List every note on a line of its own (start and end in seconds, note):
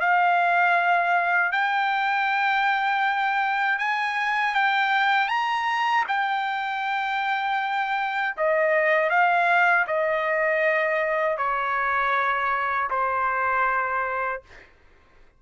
0.00 1.52 F5
1.52 3.78 G5
3.78 4.54 G#5
4.54 5.28 G5
5.28 6.04 A#5
6.08 8.35 G5
8.37 9.10 D#5
9.10 9.86 F5
9.87 11.37 D#5
11.37 12.89 C#5
12.90 14.42 C5